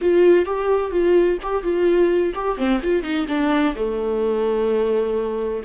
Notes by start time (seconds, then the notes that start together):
0.01 F4
0.45 G4
0.91 F4
1.42 G4
1.63 F4
2.34 G4
2.57 C4
2.82 F4
3.02 D#4
3.28 D4
3.75 A3